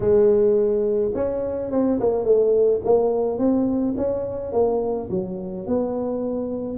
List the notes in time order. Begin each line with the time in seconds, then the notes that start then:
0.00 G#3
1.14 C#4
1.71 C4
2.00 A#3
2.24 A3
2.84 A#3
3.38 C4
3.97 C#4
4.52 A#3
5.10 F#3
5.66 B3